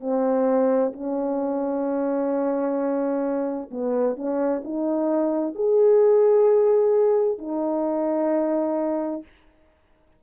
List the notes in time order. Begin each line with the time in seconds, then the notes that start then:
0.00 C4
0.93 C#4
3.71 B3
4.16 C#4
4.64 D#4
5.55 G#4
7.38 D#4